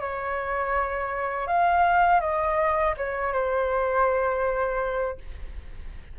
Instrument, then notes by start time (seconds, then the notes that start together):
flute
0.00 C#5
1.47 F5
2.20 D#5
2.97 C#5
3.33 C5